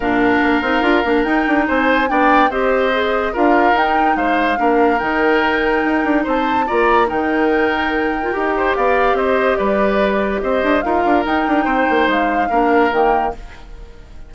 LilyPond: <<
  \new Staff \with { instrumentName = "flute" } { \time 4/4 \tempo 4 = 144 f''2. g''4 | gis''4 g''4 dis''2 | f''4 g''4 f''2 | g''2. a''4 |
ais''4 g''2.~ | g''4 f''4 dis''4 d''4~ | d''4 dis''4 f''4 g''4~ | g''4 f''2 g''4 | }
  \new Staff \with { instrumentName = "oboe" } { \time 4/4 ais'1 | c''4 d''4 c''2 | ais'2 c''4 ais'4~ | ais'2. c''4 |
d''4 ais'2.~ | ais'8 c''8 d''4 c''4 b'4~ | b'4 c''4 ais'2 | c''2 ais'2 | }
  \new Staff \with { instrumentName = "clarinet" } { \time 4/4 d'4. dis'8 f'8 d'8 dis'4~ | dis'4 d'4 g'4 gis'4 | f'4 dis'2 d'4 | dis'1 |
f'4 dis'2~ dis'8. f'16 | g'1~ | g'2 f'4 dis'4~ | dis'2 d'4 ais4 | }
  \new Staff \with { instrumentName = "bassoon" } { \time 4/4 ais,4 ais8 c'8 d'8 ais8 dis'8 d'8 | c'4 b4 c'2 | d'4 dis'4 gis4 ais4 | dis2 dis'8 d'8 c'4 |
ais4 dis2. | dis'4 b4 c'4 g4~ | g4 c'8 d'8 dis'8 d'8 dis'8 d'8 | c'8 ais8 gis4 ais4 dis4 | }
>>